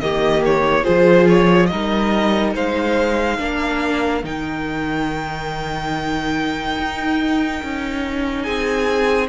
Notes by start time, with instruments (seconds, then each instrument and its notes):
0.00 cello D#3, viola A#3, violin G4 D#5
0.45 violin C#5
0.83 cello F3, viola F4, violin G#4 C5
1.29 violin C#5
1.66 cello G3, viola D#4, violin A#4 D#5
2.55 cello G#3, violin C5 F5
3.38 cello A#3, viola D4, violin A#4
4.23 cello D#3, viola D#4, violin G5
6.78 cello D#4
7.63 cello C#4
8.42 cello C4, violin G#4 G#5